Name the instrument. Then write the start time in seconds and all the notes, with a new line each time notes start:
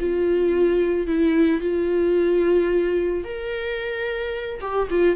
viola
0.00 F4
1.07 E4
1.61 F4
3.24 A#4
4.61 G4
4.90 F4